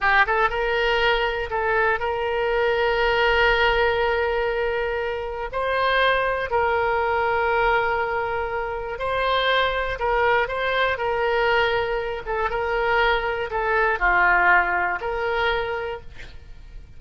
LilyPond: \new Staff \with { instrumentName = "oboe" } { \time 4/4 \tempo 4 = 120 g'8 a'8 ais'2 a'4 | ais'1~ | ais'2. c''4~ | c''4 ais'2.~ |
ais'2 c''2 | ais'4 c''4 ais'2~ | ais'8 a'8 ais'2 a'4 | f'2 ais'2 | }